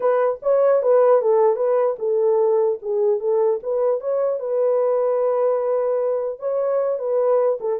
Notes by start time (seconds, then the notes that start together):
0.00 B4
0.42 C#5
0.82 B4
1.21 A4
1.56 B4
1.98 A4
2.82 G#4
3.19 A4
3.63 B4
4.00 C#5
4.39 B4
6.39 C#5
6.98 B4
7.60 A4